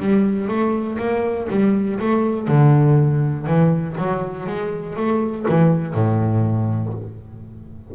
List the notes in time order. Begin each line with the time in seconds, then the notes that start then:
0.00 G3
0.48 A3
0.99 A#3
1.50 G3
2.00 A3
2.48 D3
3.47 E3
3.98 F#3
4.47 G#3
4.97 A3
5.49 E3
5.95 A2